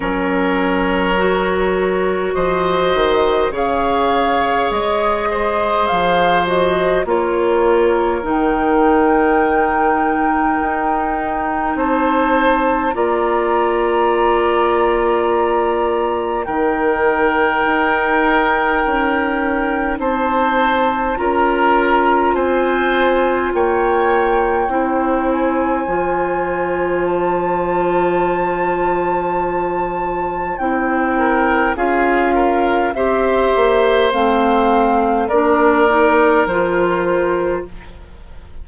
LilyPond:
<<
  \new Staff \with { instrumentName = "flute" } { \time 4/4 \tempo 4 = 51 cis''2 dis''4 f''4 | dis''4 f''8 dis''8 cis''4 g''4~ | g''2 a''4 ais''4~ | ais''2 g''2~ |
g''4 a''4 ais''4 gis''4 | g''4. gis''4. a''4~ | a''2 g''4 f''4 | e''4 f''4 d''4 c''4 | }
  \new Staff \with { instrumentName = "oboe" } { \time 4/4 ais'2 c''4 cis''4~ | cis''8 c''4. ais'2~ | ais'2 c''4 d''4~ | d''2 ais'2~ |
ais'4 c''4 ais'4 c''4 | cis''4 c''2.~ | c''2~ c''8 ais'8 gis'8 ais'8 | c''2 ais'2 | }
  \new Staff \with { instrumentName = "clarinet" } { \time 4/4 cis'4 fis'2 gis'4~ | gis'4. fis'8 f'4 dis'4~ | dis'2. f'4~ | f'2 dis'2~ |
dis'2 f'2~ | f'4 e'4 f'2~ | f'2 e'4 f'4 | g'4 c'4 d'8 dis'8 f'4 | }
  \new Staff \with { instrumentName = "bassoon" } { \time 4/4 fis2 f8 dis8 cis4 | gis4 f4 ais4 dis4~ | dis4 dis'4 c'4 ais4~ | ais2 dis4 dis'4 |
cis'4 c'4 cis'4 c'4 | ais4 c'4 f2~ | f2 c'4 cis'4 | c'8 ais8 a4 ais4 f4 | }
>>